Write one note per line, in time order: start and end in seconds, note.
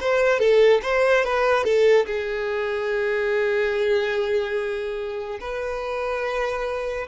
0.00 0.39 C5
0.39 0.81 A4
0.82 1.24 C5
1.24 1.64 B4
1.64 2.05 A4
2.06 5.39 G#4
5.40 7.07 B4